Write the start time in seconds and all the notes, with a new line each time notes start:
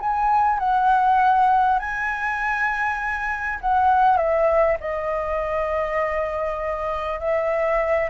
0.00 G#5
0.59 F#5
1.79 G#5
3.61 F#5
4.17 E5
4.80 D#5
7.19 E5